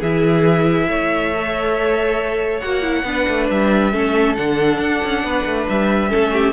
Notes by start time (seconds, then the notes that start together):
0.00 E3 E4 G#4 E5
0.88 A3 C#5
1.35 A4
2.60 A#3 F#4 F#5
2.82 E4
3.04 B3 D4 B4
3.28 A3
3.50 G3 E5
3.92 A3 C#4 A4
4.36 D3 D4 F#5
4.79 D4
5.04 C#4
5.23 B3 B4
5.46 A3
5.69 G3 E5
6.09 A3 C#4 A4
6.33 G4